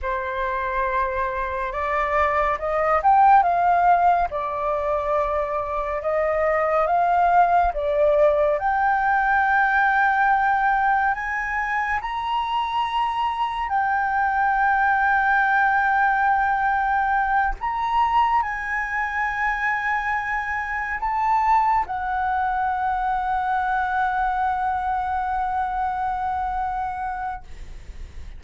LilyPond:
\new Staff \with { instrumentName = "flute" } { \time 4/4 \tempo 4 = 70 c''2 d''4 dis''8 g''8 | f''4 d''2 dis''4 | f''4 d''4 g''2~ | g''4 gis''4 ais''2 |
g''1~ | g''8 ais''4 gis''2~ gis''8~ | gis''8 a''4 fis''2~ fis''8~ | fis''1 | }